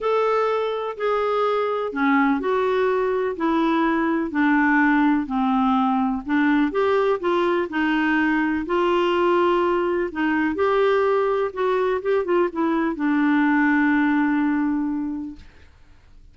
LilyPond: \new Staff \with { instrumentName = "clarinet" } { \time 4/4 \tempo 4 = 125 a'2 gis'2 | cis'4 fis'2 e'4~ | e'4 d'2 c'4~ | c'4 d'4 g'4 f'4 |
dis'2 f'2~ | f'4 dis'4 g'2 | fis'4 g'8 f'8 e'4 d'4~ | d'1 | }